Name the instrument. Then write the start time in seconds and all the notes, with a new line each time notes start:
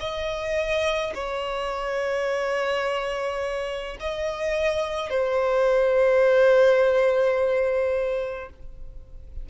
violin
0.00 D#5
1.14 C#5
4.00 D#5
5.10 C5